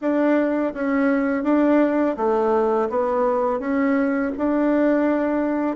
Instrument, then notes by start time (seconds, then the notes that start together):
bassoon
0.01 D4
0.74 C#4
1.43 D4
2.16 A3
2.89 B3
3.59 C#4
4.37 D4